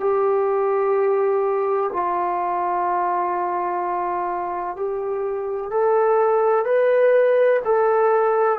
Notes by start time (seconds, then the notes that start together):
0.00 G4
1.93 F4
4.77 G4
5.71 A4
6.65 B4
7.65 A4